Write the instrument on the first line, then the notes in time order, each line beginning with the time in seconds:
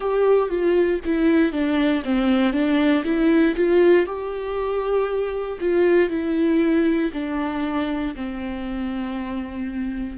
viola
0.00 G4
0.49 F4
1.04 E4
1.52 D4
2.04 C4
2.52 D4
3.04 E4
3.55 F4
4.06 G4
5.60 F4
6.09 E4
7.13 D4
8.15 C4